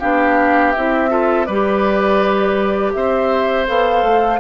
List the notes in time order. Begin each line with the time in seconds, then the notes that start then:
0.00 B3 D4 G4 F5
0.72 C4 E4 E5
1.09 F4 A4
1.45 G3 B4 D5
1.52 G4
2.93 C4 C5 E5
3.67 B3 A4 F5
4.03 A3